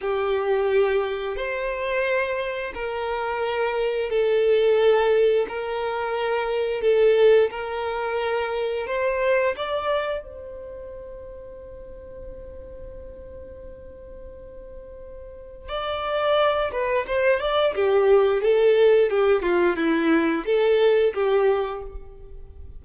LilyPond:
\new Staff \with { instrumentName = "violin" } { \time 4/4 \tempo 4 = 88 g'2 c''2 | ais'2 a'2 | ais'2 a'4 ais'4~ | ais'4 c''4 d''4 c''4~ |
c''1~ | c''2. d''4~ | d''8 b'8 c''8 d''8 g'4 a'4 | g'8 f'8 e'4 a'4 g'4 | }